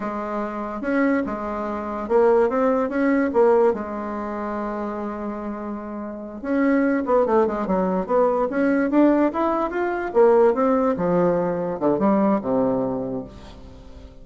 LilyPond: \new Staff \with { instrumentName = "bassoon" } { \time 4/4 \tempo 4 = 145 gis2 cis'4 gis4~ | gis4 ais4 c'4 cis'4 | ais4 gis2.~ | gis2.~ gis8 cis'8~ |
cis'4 b8 a8 gis8 fis4 b8~ | b8 cis'4 d'4 e'4 f'8~ | f'8 ais4 c'4 f4.~ | f8 d8 g4 c2 | }